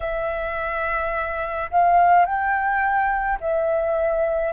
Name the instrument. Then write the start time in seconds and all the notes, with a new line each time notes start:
flute
0.00 E5
1.70 F5
2.25 G5
3.40 E5